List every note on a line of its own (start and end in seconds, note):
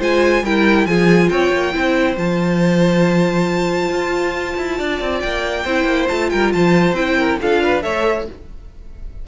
0.00 0.43 G#3
0.00 0.43 F4
0.00 0.43 C5
0.00 0.46 G#5
0.43 0.86 G3
0.43 0.89 E4
0.43 0.88 A#4
0.43 0.87 G5
0.86 1.30 F3
0.86 1.73 F4
0.86 1.31 G#4
0.86 1.29 G#5
1.29 1.52 C4
1.29 1.75 C#5
1.29 2.16 G5
1.53 1.75 A#3
1.73 2.17 C4
1.73 2.16 E4
1.73 4.79 C5
2.17 3.90 F3
2.17 5.65 F4
2.17 5.20 A5
3.90 4.55 F4
4.58 4.80 E4
4.79 5.02 D4
4.79 5.65 D5
5.02 5.23 C4
5.20 5.65 A#3
5.20 6.07 G5
5.65 5.85 C4
5.65 6.10 E4
5.65 6.30 C5
5.85 6.06 A#3
6.09 6.33 A3
6.09 6.96 F4
6.09 6.30 A5
6.30 6.54 G3
6.30 6.54 A#4
6.30 6.52 G5
6.53 6.94 F3
6.53 7.19 C5
6.53 6.95 A5
6.94 7.37 C4
6.94 7.40 E4
6.94 7.39 G5
7.19 7.40 A#4
7.42 7.85 D4
7.42 7.82 F4
7.42 7.63 A4
7.42 7.83 F5
7.63 7.84 B4
7.82 8.28 A3
7.82 8.26 A4
7.82 8.28 C#5
7.82 8.26 E5